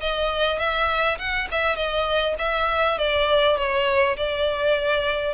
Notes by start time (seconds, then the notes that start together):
0.00 D#5
0.59 E5
1.18 F#5
1.51 E5
1.76 D#5
2.38 E5
2.98 D5
3.57 C#5
4.17 D5